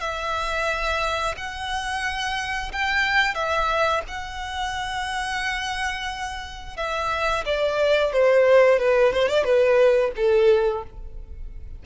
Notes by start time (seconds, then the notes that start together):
0.00 E5
1.37 F#5
2.72 G5
3.34 E5
4.08 F#5
6.77 E5
7.45 D5
8.12 C5
8.79 B4
9.13 C5
9.28 D5
9.44 B4
10.16 A4